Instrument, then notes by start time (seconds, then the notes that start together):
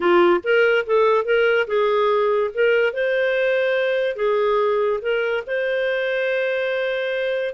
clarinet
0.00 F4
0.43 A#4
0.86 A4
1.25 A#4
1.67 G#4
2.54 A#4
2.93 C5
4.16 G#4
5.01 A#4
5.46 C5